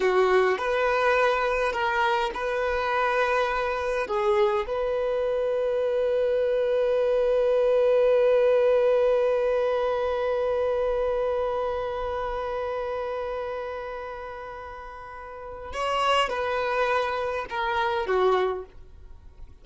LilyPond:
\new Staff \with { instrumentName = "violin" } { \time 4/4 \tempo 4 = 103 fis'4 b'2 ais'4 | b'2. gis'4 | b'1~ | b'1~ |
b'1~ | b'1~ | b'2. cis''4 | b'2 ais'4 fis'4 | }